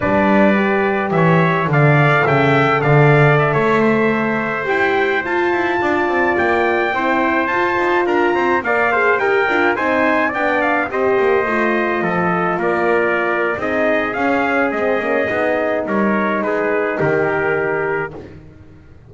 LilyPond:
<<
  \new Staff \with { instrumentName = "trumpet" } { \time 4/4 \tempo 4 = 106 d''2 e''4 f''4 | g''4 f''4 e''2~ | e''16 g''4 a''2 g''8.~ | g''4~ g''16 a''4 ais''4 f''8.~ |
f''16 g''4 gis''4 g''8 f''8 dis''8.~ | dis''2~ dis''16 d''4.~ d''16 | dis''4 f''4 dis''2 | cis''4 b'4 ais'2 | }
  \new Staff \with { instrumentName = "trumpet" } { \time 4/4 b'2 cis''4 d''4 | e''4 d''4~ d''16 cis''8 c''4~ c''16~ | c''2~ c''16 d''4.~ d''16~ | d''16 c''2 ais'8 c''8 d''8 c''16~ |
c''16 ais'4 c''4 d''4 c''8.~ | c''4~ c''16 a'4 ais'4.~ ais'16 | gis'1 | ais'4 gis'4 g'2 | }
  \new Staff \with { instrumentName = "horn" } { \time 4/4 d'4 g'2 a'4~ | a'1~ | a'16 g'4 f'2~ f'8.~ | f'16 e'4 f'2 ais'8 gis'16~ |
gis'16 g'8 f'8 dis'4 d'4 g'8.~ | g'16 f'2.~ f'8. | dis'4 cis'4 c'8 cis'8 dis'4~ | dis'1 | }
  \new Staff \with { instrumentName = "double bass" } { \time 4/4 g2 e4 d4 | cis4 d4~ d16 a4.~ a16~ | a16 e'4 f'8 e'8 d'8 c'8 ais8.~ | ais16 c'4 f'8 dis'8 d'8 c'8 ais8.~ |
ais16 dis'8 d'8 c'4 b4 c'8 ais16~ | ais16 a4 f4 ais4.~ ais16 | c'4 cis'4 gis8 ais8 b4 | g4 gis4 dis2 | }
>>